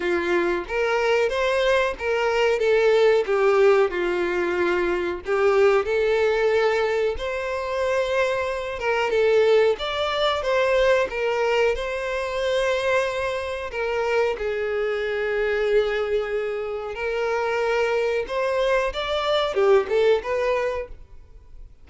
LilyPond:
\new Staff \with { instrumentName = "violin" } { \time 4/4 \tempo 4 = 92 f'4 ais'4 c''4 ais'4 | a'4 g'4 f'2 | g'4 a'2 c''4~ | c''4. ais'8 a'4 d''4 |
c''4 ais'4 c''2~ | c''4 ais'4 gis'2~ | gis'2 ais'2 | c''4 d''4 g'8 a'8 b'4 | }